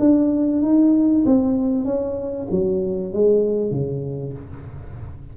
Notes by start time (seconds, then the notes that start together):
0.00 D4
0.62 D#4
1.26 C4
1.85 C#4
2.51 F#3
3.14 G#3
3.71 C#3